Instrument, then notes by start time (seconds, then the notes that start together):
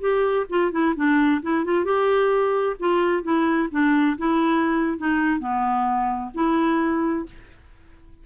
clarinet
0.00 G4
0.49 F4
0.72 E4
0.96 D4
1.42 E4
1.64 F4
1.85 G4
2.79 F4
3.23 E4
3.71 D4
4.18 E4
4.98 D#4
5.39 B3
6.34 E4